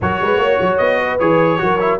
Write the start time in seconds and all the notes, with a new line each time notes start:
0.01 F#3 F#4 A#4 C#5
0.21 G#3 B4
0.37 A#3 C#5
0.60 F#3
0.77 B3 D#5
1.01 B4
1.19 E3 G#4 C#5
1.58 F#3 F#4 A#4
1.80 E4